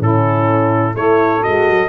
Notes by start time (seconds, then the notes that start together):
0.00 A2 C#4 E4 A4
0.95 A3 E4 A4 C#5
1.42 G#3 F#4 D#5
1.69 F#3